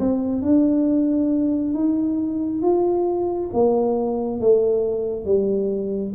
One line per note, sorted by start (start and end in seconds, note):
0.00 0.43 C4
0.43 1.74 D4
1.74 2.62 D#4
2.62 3.51 F4
3.53 4.41 A#3
4.41 5.25 A3
5.25 6.14 G3